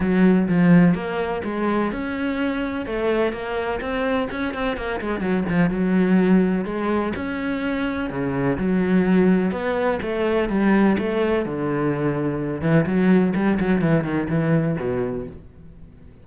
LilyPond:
\new Staff \with { instrumentName = "cello" } { \time 4/4 \tempo 4 = 126 fis4 f4 ais4 gis4 | cis'2 a4 ais4 | c'4 cis'8 c'8 ais8 gis8 fis8 f8 | fis2 gis4 cis'4~ |
cis'4 cis4 fis2 | b4 a4 g4 a4 | d2~ d8 e8 fis4 | g8 fis8 e8 dis8 e4 b,4 | }